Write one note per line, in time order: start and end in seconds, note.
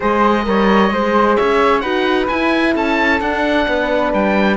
0.00 0.46 G#3
0.00 0.45 G#4
0.00 0.43 C5
0.00 1.36 D#5
0.45 0.91 G3
0.45 0.90 A#4
0.45 0.93 C#5
0.91 1.36 G#3
0.91 1.83 G#4
0.91 1.36 C5
1.36 1.83 C#4
1.36 1.82 C#5
1.36 1.80 E5
1.80 2.29 D#4
1.80 2.28 F#4
1.80 2.73 B4
1.80 2.26 F#5
2.28 2.75 E4
2.28 3.21 E4
2.28 2.73 G#5
2.75 3.20 C#4
2.75 3.66 A4
2.75 3.20 A5
3.20 3.66 D4
3.20 4.56 D4
3.20 4.12 F#5
3.67 4.13 B3
3.67 4.56 B4
4.13 4.56 G3
4.13 4.56 G5